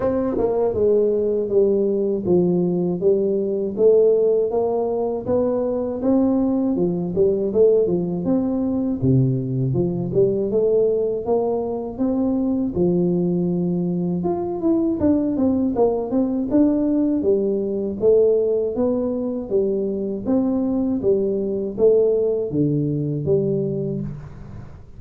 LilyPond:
\new Staff \with { instrumentName = "tuba" } { \time 4/4 \tempo 4 = 80 c'8 ais8 gis4 g4 f4 | g4 a4 ais4 b4 | c'4 f8 g8 a8 f8 c'4 | c4 f8 g8 a4 ais4 |
c'4 f2 f'8 e'8 | d'8 c'8 ais8 c'8 d'4 g4 | a4 b4 g4 c'4 | g4 a4 d4 g4 | }